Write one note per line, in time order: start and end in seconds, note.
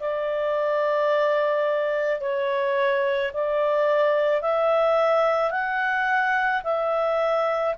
0.00 2.21 D5
2.21 3.32 C#5
3.33 4.41 D5
4.41 5.51 E5
5.51 6.62 F#5
6.64 7.75 E5